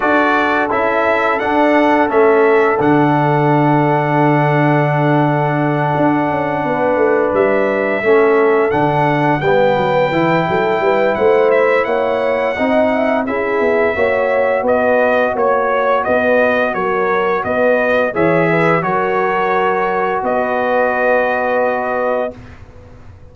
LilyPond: <<
  \new Staff \with { instrumentName = "trumpet" } { \time 4/4 \tempo 4 = 86 d''4 e''4 fis''4 e''4 | fis''1~ | fis''2~ fis''8 e''4.~ | e''8 fis''4 g''2~ g''8 |
fis''8 e''8 fis''2 e''4~ | e''4 dis''4 cis''4 dis''4 | cis''4 dis''4 e''4 cis''4~ | cis''4 dis''2. | }
  \new Staff \with { instrumentName = "horn" } { \time 4/4 a'1~ | a'1~ | a'4. b'2 a'8~ | a'4. b'4. a'8 b'8 |
c''4 cis''4 dis''8 e''8 gis'4 | cis''4 b'4 cis''4 b'4 | ais'4 b'4 cis''8 b'8 ais'4~ | ais'4 b'2. | }
  \new Staff \with { instrumentName = "trombone" } { \time 4/4 fis'4 e'4 d'4 cis'4 | d'1~ | d'2.~ d'8 cis'8~ | cis'8 d'4 b4 e'4.~ |
e'2 dis'4 e'4 | fis'1~ | fis'2 gis'4 fis'4~ | fis'1 | }
  \new Staff \with { instrumentName = "tuba" } { \time 4/4 d'4 cis'4 d'4 a4 | d1~ | d8 d'8 cis'8 b8 a8 g4 a8~ | a8 d4 g8 fis8 e8 fis8 g8 |
a4 ais4 c'4 cis'8 b8 | ais4 b4 ais4 b4 | fis4 b4 e4 fis4~ | fis4 b2. | }
>>